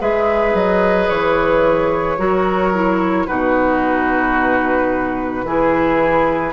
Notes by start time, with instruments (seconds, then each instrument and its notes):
0.00 bassoon G#3, clarinet G#4, oboe B4, flute E5
0.54 bassoon F#3, flute D#5
1.09 bassoon E3, flute C#5
2.18 bassoon F#3, clarinet F#4, oboe A#4
2.75 clarinet E4
3.27 bassoon B2, clarinet D#4, oboe F#4, flute B4
5.44 bassoon E3, clarinet E4, oboe G#4